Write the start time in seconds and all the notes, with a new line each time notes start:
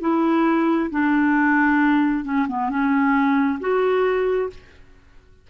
0.00 E4
0.90 D4
2.24 C#4
2.48 B3
2.69 C#4
3.60 F#4